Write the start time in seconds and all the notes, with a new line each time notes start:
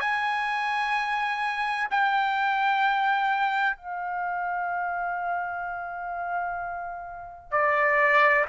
0.00 G#5
1.90 G5
3.77 F5
7.51 D5